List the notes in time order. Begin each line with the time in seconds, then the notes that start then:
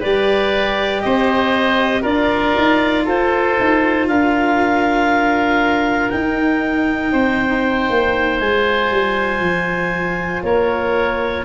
0.00 G3 G4 B4 D5
1.01 C4 C5 D#5
2.01 D4 F4 A#4 D5
2.57 D#4
3.05 F4 A4 C5
3.60 D#4
4.07 D4 A#4 F5
6.10 D#4 G5
7.12 C4 C5
7.89 A#3
8.39 G#3 F4 G#5
8.91 G3
9.40 F3
10.43 A#3 A#4 C#5